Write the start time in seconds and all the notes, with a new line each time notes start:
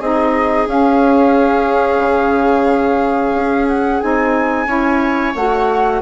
0.00 C4 D#4 G#4 D#5
0.67 C#4 F5
1.98 C#3
3.35 C#4
3.68 F#5
4.01 C4 D#4 G#5
4.67 C#4 E4 C#5
5.36 A3 F#4 F#5